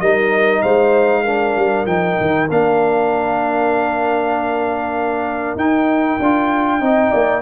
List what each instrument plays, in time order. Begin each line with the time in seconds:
0.00 tuba G3, trombone D#4, horn A#4, trumpet D#5
0.62 tuba G#3, horn C5, trumpet F5
1.23 trombone D4, horn A#4
1.56 tuba G3
1.85 tuba F3, trombone D#4, trumpet G5
2.20 tuba D#3
2.49 tuba A#3, trombone D4, trumpet F5
5.55 tuba D#4, trombone D#4, trumpet G5
6.19 tuba D4, trombone F4
6.80 tuba C4, trombone D#4, horn D#5
7.11 tuba A#3, horn D5